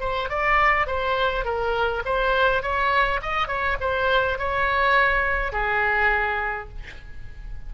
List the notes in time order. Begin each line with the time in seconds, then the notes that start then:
0.00 C5
0.29 D5
0.87 C5
1.45 A#4
2.05 C5
2.62 C#5
3.22 D#5
3.48 C#5
3.80 C5
4.38 C#5
5.52 G#4